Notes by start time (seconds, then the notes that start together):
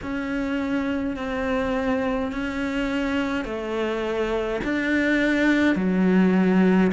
0.02 C#4
1.16 C4
2.32 C#4
3.45 A3
4.64 D4
5.75 F#3